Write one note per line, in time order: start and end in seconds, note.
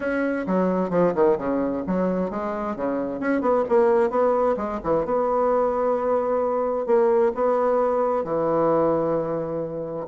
0.00 0.46 C#4
0.47 0.90 F#3
0.90 1.13 F3
1.14 1.37 D#3
1.38 1.84 C#3
1.87 2.30 F#3
2.30 2.76 G#3
2.76 3.20 C#3
3.20 3.41 C#4
3.41 3.64 B3
3.68 4.10 A#3
4.10 4.56 B3
4.56 4.79 G#3
4.83 5.05 E3
5.05 6.86 B3
6.86 7.32 A#3
7.34 8.24 B3
8.24 10.07 E3